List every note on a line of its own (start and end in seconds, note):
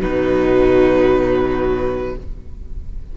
0.00 2.17 B2
0.00 2.14 F#3
0.00 2.15 D#4
0.00 2.16 B4